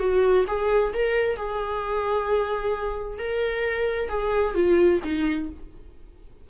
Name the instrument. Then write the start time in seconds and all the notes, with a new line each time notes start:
viola
0.00 F#4
0.48 G#4
0.94 A#4
1.37 G#4
3.19 A#4
4.10 G#4
4.55 F4
5.04 D#4